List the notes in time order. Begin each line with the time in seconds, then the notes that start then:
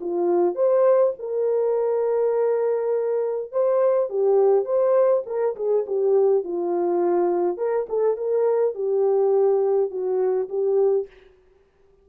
0.00 F4
0.55 C5
1.18 A#4
3.51 C5
4.09 G4
4.65 C5
5.26 A#4
5.56 G#4
5.86 G4
6.43 F4
7.57 A#4
7.89 A4
8.17 A#4
8.74 G4
9.90 F#4
10.49 G4